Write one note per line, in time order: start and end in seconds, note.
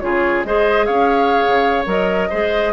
0.00 0.45 C#3
0.00 0.46 F4
0.00 0.47 G#4
0.00 0.44 C#5
0.45 0.89 G#3
0.45 1.86 G#4
0.45 0.86 C5
0.45 0.86 D#5
0.86 1.43 C#4
0.86 2.29 C#5
0.86 1.85 F5
1.47 1.86 C#3
1.86 2.30 F#3
1.86 2.30 A#4
1.86 2.74 D#5
2.30 2.74 G#3
2.30 2.74 G#4
2.30 2.73 C5